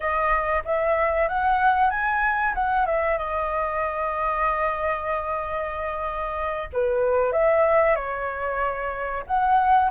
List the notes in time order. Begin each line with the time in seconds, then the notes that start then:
0.00 D#5
0.64 E5
1.28 F#5
1.90 G#5
2.54 F#5
2.85 E5
3.18 D#5
6.72 B4
7.32 E5
7.95 C#5
9.27 F#5